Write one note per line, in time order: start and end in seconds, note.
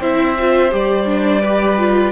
0.00 0.72 C4
0.00 0.37 E4
0.00 1.41 C5
0.00 0.73 E5
0.38 0.71 F4
0.71 2.12 G3
0.71 1.06 G4
0.71 2.12 D5
1.06 1.41 D4
1.41 1.77 G4
1.41 2.12 B4
1.77 2.12 F4